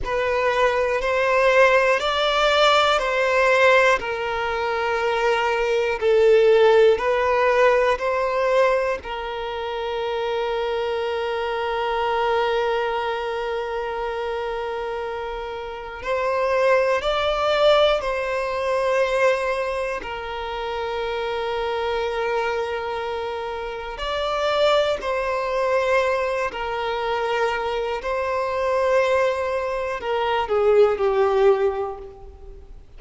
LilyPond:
\new Staff \with { instrumentName = "violin" } { \time 4/4 \tempo 4 = 60 b'4 c''4 d''4 c''4 | ais'2 a'4 b'4 | c''4 ais'2.~ | ais'1 |
c''4 d''4 c''2 | ais'1 | d''4 c''4. ais'4. | c''2 ais'8 gis'8 g'4 | }